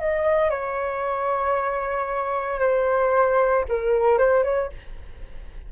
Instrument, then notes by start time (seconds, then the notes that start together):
flute
0.00 D#5
0.50 C#5
2.59 C5
3.69 A#4
4.18 C5
4.44 C#5